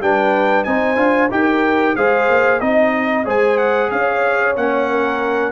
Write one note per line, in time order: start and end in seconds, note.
0.00 0.65 G3
0.00 0.66 D4
0.00 0.67 B4
0.00 0.64 G5
0.64 0.97 C4
0.64 0.97 D#4
0.64 1.32 C5
0.64 1.29 G#5
0.97 1.30 D4
0.97 1.29 F4
1.31 1.96 D#4
1.31 1.96 G4
1.31 1.97 A#4
1.31 1.96 G5
1.96 2.29 G#3
1.96 2.61 G#4
1.96 2.61 C5
1.96 2.61 F5
2.29 2.61 A#3
2.61 3.26 C4
2.61 3.25 D#4
2.61 3.26 D#5
3.25 3.92 G#3
3.25 4.56 G#4
3.25 3.91 C5
3.25 3.58 G#5
3.58 3.91 F#5
3.91 4.57 C#4
3.91 4.91 C#5
3.91 4.56 F5
4.57 5.53 A#3
4.57 5.53 C#4
4.57 5.53 F#5
4.91 5.53 A#4